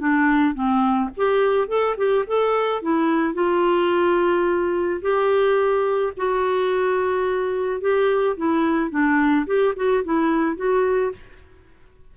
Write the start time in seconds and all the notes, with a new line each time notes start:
0.00 D4
0.55 C4
1.17 G4
1.69 A4
1.98 G4
2.28 A4
2.83 E4
3.34 F4
5.02 G4
6.17 F#4
7.81 G4
8.37 E4
8.91 D4
9.47 G4
9.76 F#4
10.04 E4
10.57 F#4